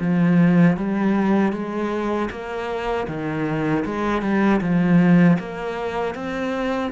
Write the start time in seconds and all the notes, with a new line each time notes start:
0.00 F3
0.77 G3
1.52 G#3
2.30 A#3
3.08 D#3
3.85 G#3
4.22 G3
4.61 F3
5.40 A#3
6.15 C4